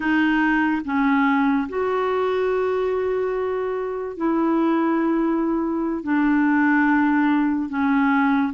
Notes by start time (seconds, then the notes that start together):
0.00 D#4
0.84 C#4
1.68 F#4
4.16 E4
6.03 D4
7.69 C#4